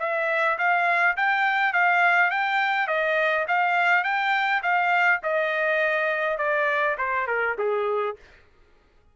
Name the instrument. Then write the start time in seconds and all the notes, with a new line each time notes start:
trumpet
0.00 E5
0.59 F5
1.17 G5
1.73 F5
2.31 G5
2.88 D#5
3.48 F5
4.04 G5
4.63 F5
5.23 D#5
6.38 D5
6.98 C5
7.28 A#4
7.59 G#4